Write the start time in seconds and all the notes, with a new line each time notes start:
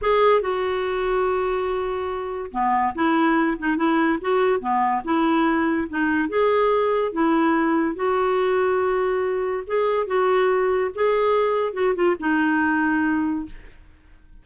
0.01 G#4
0.41 F#4
2.51 B3
2.94 E4
3.58 D#4
3.76 E4
4.21 F#4
4.60 B3
5.04 E4
5.89 D#4
6.29 G#4
7.12 E4
7.95 F#4
9.66 G#4
10.06 F#4
10.94 G#4
11.73 F#4
11.95 F4
12.19 D#4